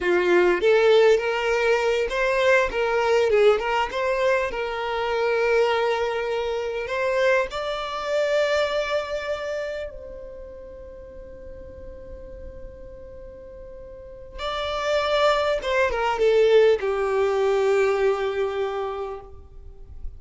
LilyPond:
\new Staff \with { instrumentName = "violin" } { \time 4/4 \tempo 4 = 100 f'4 a'4 ais'4. c''8~ | c''8 ais'4 gis'8 ais'8 c''4 ais'8~ | ais'2.~ ais'8 c''8~ | c''8 d''2.~ d''8~ |
d''8 c''2.~ c''8~ | c''1 | d''2 c''8 ais'8 a'4 | g'1 | }